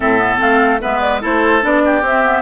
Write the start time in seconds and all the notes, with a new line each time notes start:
0.00 A2 C4 A4 E5
0.18 B3
0.38 A3 C4 F5
0.81 G#3 B3 B4 E5
1.00 D5
1.21 A3 E4 A4 C5
1.61 B3 D4 D5
1.85 G4
2.01 C4 E5
2.23 B3